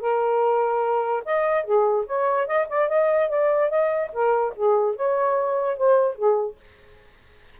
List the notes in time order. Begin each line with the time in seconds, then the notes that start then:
0.00 A#4
1.25 D#5
1.64 G#4
2.06 C#5
2.47 D#5
2.68 D5
2.88 D#5
3.29 D5
3.69 D#5
4.12 A#4
4.55 G#4
4.96 C#5
5.77 C5
6.15 G#4